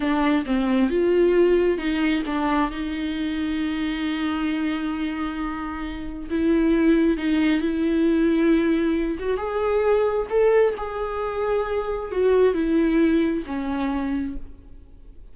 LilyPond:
\new Staff \with { instrumentName = "viola" } { \time 4/4 \tempo 4 = 134 d'4 c'4 f'2 | dis'4 d'4 dis'2~ | dis'1~ | dis'2 e'2 |
dis'4 e'2.~ | e'8 fis'8 gis'2 a'4 | gis'2. fis'4 | e'2 cis'2 | }